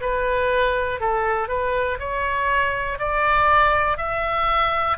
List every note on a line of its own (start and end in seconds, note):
0.00 1.00 B4
1.00 1.48 A4
1.48 1.98 B4
1.99 2.98 C#5
2.98 3.97 D5
3.97 4.97 E5